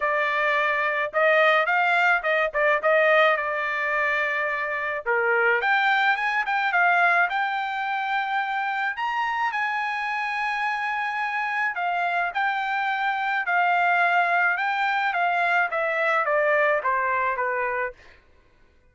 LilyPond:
\new Staff \with { instrumentName = "trumpet" } { \time 4/4 \tempo 4 = 107 d''2 dis''4 f''4 | dis''8 d''8 dis''4 d''2~ | d''4 ais'4 g''4 gis''8 g''8 | f''4 g''2. |
ais''4 gis''2.~ | gis''4 f''4 g''2 | f''2 g''4 f''4 | e''4 d''4 c''4 b'4 | }